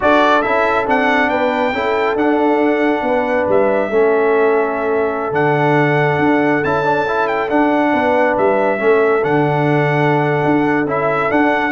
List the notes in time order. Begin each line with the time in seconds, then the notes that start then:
0.00 D4 F#4 A4 D5
0.42 C#4 E4 E5
0.86 C4 D4 F#5
1.29 B3 B4 G5
1.72 C#4 E4 A4
2.15 D4 F#5
3.01 B3 B4
3.48 G3 E5
3.90 A3 C#4 A4
5.31 D3 D4 F#5
6.18 D4
6.63 C#4 E4 A5
6.84 D4
7.07 E4
7.27 G5
7.48 D4 F#5
7.93 B3 B4
8.37 G3 E5
8.78 A3 C#4 A4
9.23 D3 D4 F#5
10.44 D4
10.86 C#4 E4 E5
11.29 D4 F#5